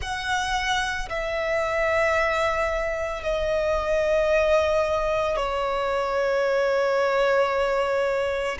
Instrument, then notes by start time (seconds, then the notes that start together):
violin
0.01 F#5
1.09 E5
3.23 D#5
5.36 C#5